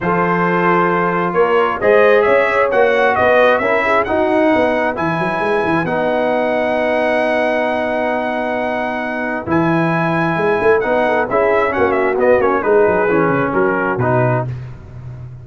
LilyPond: <<
  \new Staff \with { instrumentName = "trumpet" } { \time 4/4 \tempo 4 = 133 c''2. cis''4 | dis''4 e''4 fis''4 dis''4 | e''4 fis''2 gis''4~ | gis''4 fis''2.~ |
fis''1~ | fis''4 gis''2. | fis''4 e''4 fis''8 e''8 dis''8 cis''8 | b'2 ais'4 b'4 | }
  \new Staff \with { instrumentName = "horn" } { \time 4/4 a'2. ais'4 | c''4 cis''2 b'4 | ais'8 gis'8 fis'4 b'2~ | b'1~ |
b'1~ | b'1~ | b'8 a'8 gis'4 fis'2 | gis'2 fis'2 | }
  \new Staff \with { instrumentName = "trombone" } { \time 4/4 f'1 | gis'2 fis'2 | e'4 dis'2 e'4~ | e'4 dis'2.~ |
dis'1~ | dis'4 e'2. | dis'4 e'4 cis'4 b8 cis'8 | dis'4 cis'2 dis'4 | }
  \new Staff \with { instrumentName = "tuba" } { \time 4/4 f2. ais4 | gis4 cis'4 ais4 b4 | cis'4 dis'4 b4 e8 fis8 | gis8 e8 b2.~ |
b1~ | b4 e2 gis8 a8 | b4 cis'4 ais4 b8 ais8 | gis8 fis8 e8 cis8 fis4 b,4 | }
>>